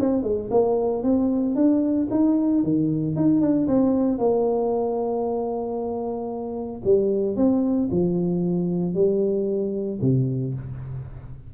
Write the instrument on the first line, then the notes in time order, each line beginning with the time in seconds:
tuba
0.00 C4
0.23 G#3
0.50 A#3
1.03 C4
1.56 D4
2.11 D#4
2.63 D#3
3.16 D#4
3.41 D4
3.67 C4
4.18 A#3
6.84 G3
7.36 C4
7.91 F3
8.94 G3
10.01 C3